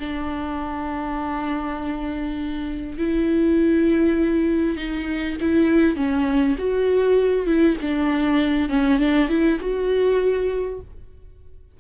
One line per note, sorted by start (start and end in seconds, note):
0.00 2.98 D4
2.98 4.77 E4
4.77 5.37 D#4
5.41 5.96 E4
5.96 6.56 C#4
6.59 7.47 F#4
7.47 7.77 E4
7.82 8.69 D4
8.69 8.99 C#4
8.99 9.29 D4
9.29 9.59 E4
9.60 10.80 F#4